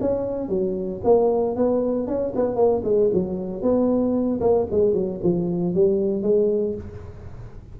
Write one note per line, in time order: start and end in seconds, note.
0.00 0.49 C#4
0.49 1.01 F#3
1.04 1.56 A#3
1.56 2.07 B3
2.07 2.33 C#4
2.35 2.55 B3
2.55 2.82 A#3
2.84 3.10 G#3
3.13 3.62 F#3
3.62 4.40 B3
4.40 4.66 A#3
4.71 4.94 G#3
4.94 5.20 F#3
5.23 5.74 F3
5.74 6.22 G3
6.22 6.74 G#3